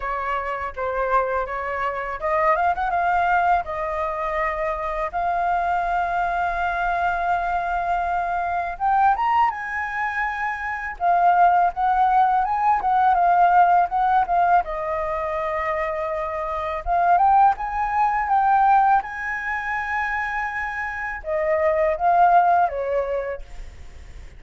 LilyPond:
\new Staff \with { instrumentName = "flute" } { \time 4/4 \tempo 4 = 82 cis''4 c''4 cis''4 dis''8 f''16 fis''16 | f''4 dis''2 f''4~ | f''1 | g''8 ais''8 gis''2 f''4 |
fis''4 gis''8 fis''8 f''4 fis''8 f''8 | dis''2. f''8 g''8 | gis''4 g''4 gis''2~ | gis''4 dis''4 f''4 cis''4 | }